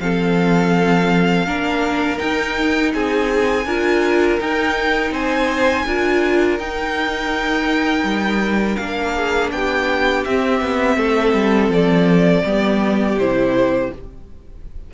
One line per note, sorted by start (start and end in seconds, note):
0.00 1.46 F3
0.00 1.48 C4
0.00 1.47 A4
0.00 2.19 F5
1.46 2.19 A#3
1.46 2.17 D4
1.46 2.93 A#4
2.17 3.63 D#4
2.17 2.95 D#4
2.17 2.92 G5
2.94 3.66 C4
2.94 3.66 G#4
2.94 4.40 G#5
3.66 4.39 D4
3.66 4.40 F4
3.66 5.13 A#4
4.40 5.87 D#4
4.40 5.11 D#4
4.40 5.14 G5
5.11 5.84 C4
5.11 5.86 C5
5.11 6.59 G#5
5.87 6.59 D4
5.87 6.60 F4
5.87 9.15 A#4
6.59 8.04 D#4
6.59 8.79 D#4
6.59 8.77 G5
8.04 8.77 G3
8.77 9.52 A#3
8.77 10.27 D4
8.77 9.50 F5
9.15 9.52 G#4
9.52 10.25 B3
9.52 10.98 G4
9.52 10.25 G5
10.25 10.61 C4
10.25 12.47 C4
10.25 11.71 E5
10.61 10.97 B3
10.97 11.34 A3
10.97 12.44 A4
11.34 11.69 G3
11.69 12.42 F3
11.69 13.19 D5
12.45 13.16 G3
12.45 13.20 B3
12.45 13.91 G4
13.16 13.89 C3
13.16 13.94 E4
13.16 13.92 C5